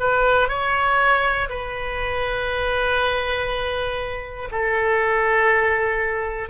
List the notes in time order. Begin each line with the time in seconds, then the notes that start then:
0.00 B4
0.49 C#5
1.49 B4
4.52 A4